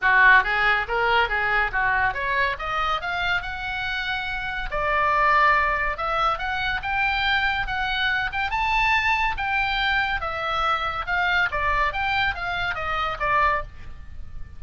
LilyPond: \new Staff \with { instrumentName = "oboe" } { \time 4/4 \tempo 4 = 141 fis'4 gis'4 ais'4 gis'4 | fis'4 cis''4 dis''4 f''4 | fis''2. d''4~ | d''2 e''4 fis''4 |
g''2 fis''4. g''8 | a''2 g''2 | e''2 f''4 d''4 | g''4 f''4 dis''4 d''4 | }